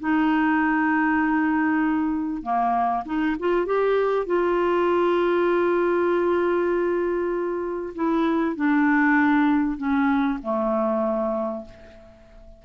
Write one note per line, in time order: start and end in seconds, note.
0.00 2.43 D#4
2.43 3.04 A#3
3.06 3.36 D#4
3.40 3.66 F4
3.66 4.27 G4
4.27 7.94 F4
7.95 8.56 E4
8.56 9.78 D4
9.78 10.39 C#4
10.43 11.65 A3